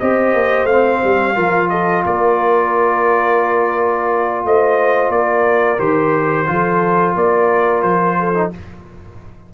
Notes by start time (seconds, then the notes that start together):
0.00 C4 G4 C5 D#5
0.34 A#3
0.64 A3 C4 F5
1.04 G3
1.35 F3 F4 A#4
1.70 A4 D#5
2.06 A#3 A#4 D5
4.44 A3 C5 D#5
5.10 A#3 A#4 D5
5.79 D#3 G4 C5
6.47 F3 F4 A4
7.16 A#3 A#4 D5
7.83 F3 C5
8.20 A4
8.35 D#4